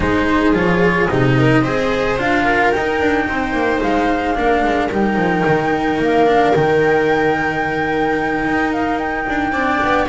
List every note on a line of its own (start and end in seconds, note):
0.00 0.53 G#3
0.00 0.54 D#4
0.00 1.38 G#4
0.00 0.54 C5
0.53 1.08 F3
0.53 1.08 F4
0.53 1.08 C#5
1.08 1.64 C3
1.08 1.64 D#4
1.08 2.17 D#5
1.38 1.61 A#4
1.61 2.18 C4
1.61 2.18 G#4
1.61 2.43 C5
2.18 2.72 D4
2.18 2.73 F4
2.18 2.71 F5
2.43 3.25 A#4
2.71 3.00 D#4
2.71 3.80 G5
2.77 4.34 D#4
3.00 3.27 D4
3.28 3.52 C4
3.28 4.37 C5
3.52 3.80 A#3
3.81 4.37 G#3
3.81 4.90 F5
4.34 4.63 A#3
4.34 4.89 D4
4.34 9.52 A#4
4.63 4.90 G#3
4.91 5.16 G3
4.91 6.26 D#4
4.91 6.01 G5
5.16 5.43 F3
5.45 5.99 D#3
5.99 6.53 A#3
5.99 6.54 F5
6.26 6.53 D4
6.54 8.44 D#3
6.54 9.52 D#4
6.54 8.72 G5
8.44 9.26 D#4
8.72 8.98 F5
8.98 10.07 G5
9.28 9.51 D4
9.51 9.79 C4
9.51 10.07 D4
9.51 10.06 D5
9.83 10.08 B3